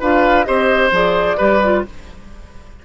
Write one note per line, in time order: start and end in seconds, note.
0.00 0.47 D4
0.00 0.45 F4
0.00 0.45 B4
0.00 0.44 F5
0.44 0.91 C4
0.44 0.90 G4
0.44 1.37 C5
0.44 0.89 D#5
0.91 1.37 F3
0.91 1.38 G#4
0.91 1.85 D5
1.37 1.85 G3
1.37 1.61 G4
1.37 1.82 B4
1.62 1.85 F4